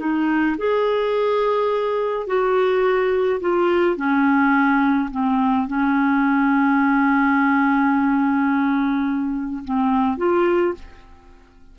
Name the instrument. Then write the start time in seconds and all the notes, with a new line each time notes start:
clarinet
0.00 D#4
0.58 G#4
2.27 F#4
3.41 F4
3.97 C#4
5.11 C4
5.68 C#4
9.65 C4
10.18 F4